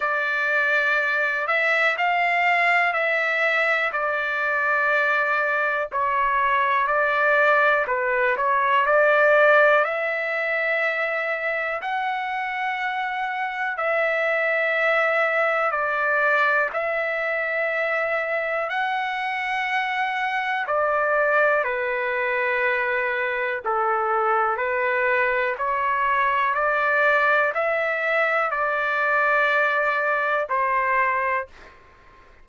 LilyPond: \new Staff \with { instrumentName = "trumpet" } { \time 4/4 \tempo 4 = 61 d''4. e''8 f''4 e''4 | d''2 cis''4 d''4 | b'8 cis''8 d''4 e''2 | fis''2 e''2 |
d''4 e''2 fis''4~ | fis''4 d''4 b'2 | a'4 b'4 cis''4 d''4 | e''4 d''2 c''4 | }